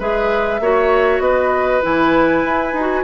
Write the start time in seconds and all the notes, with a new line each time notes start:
0.00 G#3 G#4 B4 E5
0.60 A#3 F#4 C#5
1.20 B3 B4 D#5
1.82 E3 E4 G#5
2.45 E4
2.73 D#4
2.80 F#4